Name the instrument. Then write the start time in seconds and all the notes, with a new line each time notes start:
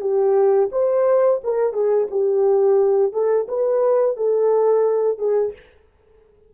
horn
0.00 G4
0.71 C5
1.43 A#4
1.72 G#4
2.10 G4
3.12 A4
3.48 B4
4.16 A4
5.18 G#4